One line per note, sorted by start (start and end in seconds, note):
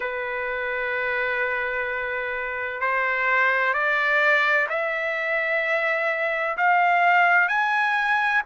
0.00 2.80 B4
2.80 3.73 C5
3.73 4.67 D5
4.69 6.56 E5
6.57 7.48 F5
7.48 8.42 G#5